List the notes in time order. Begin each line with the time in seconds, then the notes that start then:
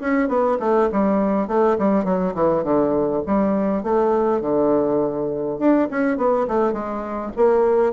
0.00 C#4
0.28 B3
0.59 A3
0.91 G3
1.47 A3
1.78 G3
2.04 F#3
2.34 E3
2.63 D3
3.26 G3
3.83 A3
4.41 D3
5.58 D4
5.90 C#4
6.17 B3
6.47 A3
6.72 G#3
7.36 A#3